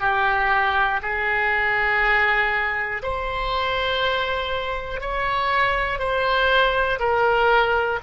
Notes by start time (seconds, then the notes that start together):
0.00 G4
1.02 G#4
3.03 C5
5.01 C#5
5.99 C5
6.99 A#4